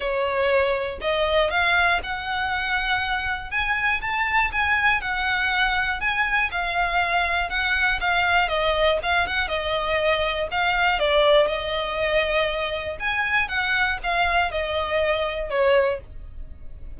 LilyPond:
\new Staff \with { instrumentName = "violin" } { \time 4/4 \tempo 4 = 120 cis''2 dis''4 f''4 | fis''2. gis''4 | a''4 gis''4 fis''2 | gis''4 f''2 fis''4 |
f''4 dis''4 f''8 fis''8 dis''4~ | dis''4 f''4 d''4 dis''4~ | dis''2 gis''4 fis''4 | f''4 dis''2 cis''4 | }